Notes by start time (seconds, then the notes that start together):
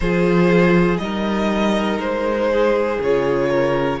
0.00 F3 F4 G#4 C5
0.97 G3 D#4 A#4 D#5
1.98 G#3 C5
2.51 G#4
3.00 C#3 F4 C#5
3.49 A#4